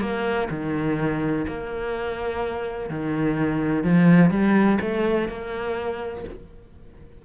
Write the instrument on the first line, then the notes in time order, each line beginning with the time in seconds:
cello
0.00 A#3
0.49 D#3
1.47 A#3
2.89 D#3
3.83 F3
4.30 G3
4.80 A3
5.28 A#3